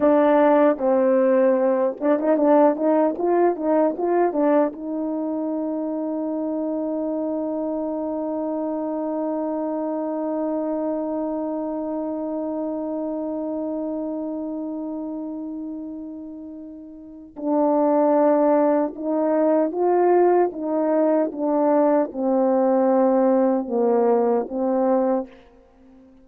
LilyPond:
\new Staff \with { instrumentName = "horn" } { \time 4/4 \tempo 4 = 76 d'4 c'4. d'16 dis'16 d'8 dis'8 | f'8 dis'8 f'8 d'8 dis'2~ | dis'1~ | dis'1~ |
dis'1~ | dis'2 d'2 | dis'4 f'4 dis'4 d'4 | c'2 ais4 c'4 | }